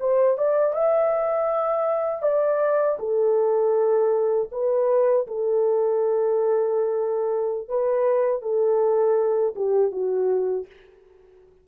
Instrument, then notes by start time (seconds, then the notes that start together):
horn
0.00 C5
0.38 D5
0.74 E5
2.23 D5
2.99 A4
4.52 B4
5.27 A4
7.68 B4
8.42 A4
9.56 G4
9.92 F#4